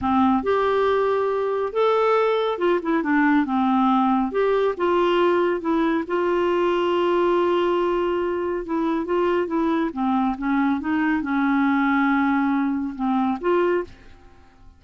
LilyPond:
\new Staff \with { instrumentName = "clarinet" } { \time 4/4 \tempo 4 = 139 c'4 g'2. | a'2 f'8 e'8 d'4 | c'2 g'4 f'4~ | f'4 e'4 f'2~ |
f'1 | e'4 f'4 e'4 c'4 | cis'4 dis'4 cis'2~ | cis'2 c'4 f'4 | }